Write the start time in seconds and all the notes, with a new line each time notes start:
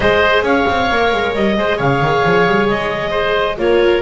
0.00 G#3 G#4 C5 D#5
0.42 C#4 C#5 F5
0.69 C4
0.90 A#3 A#4
1.13 G#3
1.34 G3 D#5
1.57 G#3 G#4 C5
1.76 C#3 C#5 F5
2.01 D#3
2.25 F3
2.46 G3
2.68 G#3 D#5
3.10 C5
3.57 A#3 F4 A#4 C#5